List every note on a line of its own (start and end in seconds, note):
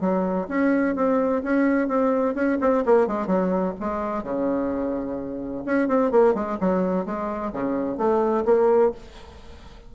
0.00 0.47 F#3
0.48 0.95 C#4
0.95 1.42 C4
1.43 1.88 C#4
1.88 2.34 C4
2.34 2.58 C#4
2.61 2.84 C4
2.85 3.07 A#3
3.07 3.27 G#3
3.27 3.74 F#3
3.79 4.23 G#3
4.23 5.64 C#3
5.65 5.87 C#4
5.87 6.11 C4
6.11 6.34 A#3
6.34 6.58 G#3
6.60 7.05 F#3
7.05 7.52 G#3
7.53 7.97 C#3
7.97 8.44 A3
8.45 8.92 A#3